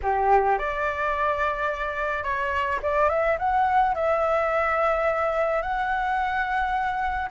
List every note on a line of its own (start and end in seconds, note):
0.02 0.58 G4
0.58 2.23 D5
2.23 2.79 C#5
2.82 3.09 D5
3.09 3.37 E5
3.38 3.94 F#5
3.94 5.62 E5
5.62 7.30 F#5